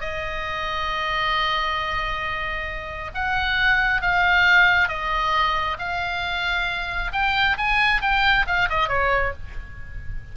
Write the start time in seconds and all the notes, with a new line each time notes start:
0.00 D#5
3.14 F#5
4.01 F5
4.88 D#5
5.78 F5
7.12 G5
7.57 G#5
8.01 G5
8.46 F5
8.69 D#5
8.88 C#5